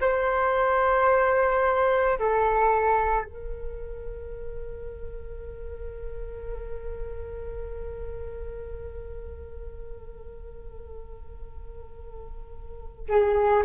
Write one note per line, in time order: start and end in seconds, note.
0.00 2.18 C5
2.19 3.24 A4
3.24 13.06 A#4
13.09 13.63 G#4